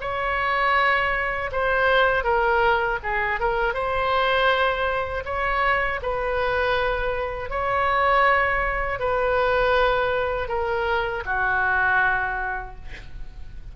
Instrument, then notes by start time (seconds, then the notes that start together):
oboe
0.00 C#5
1.51 C5
2.23 A#4
3.03 G#4
3.40 A#4
3.74 C5
5.25 C#5
6.02 B4
7.50 C#5
8.99 B4
10.48 A#4
11.25 F#4